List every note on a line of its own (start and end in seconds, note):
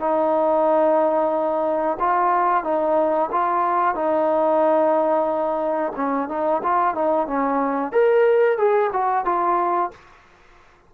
0.00 1.98 D#4
2.00 2.64 F4
2.64 3.30 D#4
3.32 3.95 F4
3.95 5.93 D#4
5.96 6.29 C#4
6.29 6.62 D#4
6.64 6.95 F4
6.95 7.27 D#4
7.27 7.93 C#4
7.93 8.58 A#4
8.58 8.91 G#4
8.93 9.25 F#4
9.25 9.91 F4